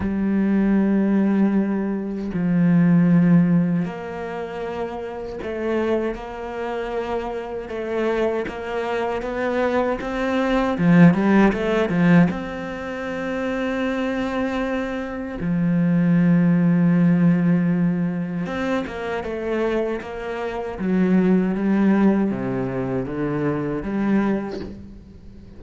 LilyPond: \new Staff \with { instrumentName = "cello" } { \time 4/4 \tempo 4 = 78 g2. f4~ | f4 ais2 a4 | ais2 a4 ais4 | b4 c'4 f8 g8 a8 f8 |
c'1 | f1 | c'8 ais8 a4 ais4 fis4 | g4 c4 d4 g4 | }